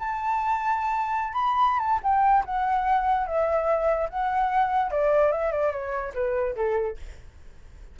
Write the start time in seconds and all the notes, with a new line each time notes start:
0.00 A5
1.33 B5
1.80 A5
2.03 G5
2.46 F#5
3.27 E5
4.10 F#5
4.91 D5
5.32 E5
5.52 D5
5.72 C#5
6.15 B4
6.56 A4